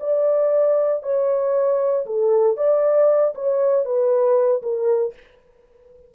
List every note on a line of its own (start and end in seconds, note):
0.00 1.03 D5
1.03 2.05 C#5
2.06 2.57 A4
2.57 3.34 D5
3.34 3.85 C#5
3.85 4.62 B4
4.62 5.13 A#4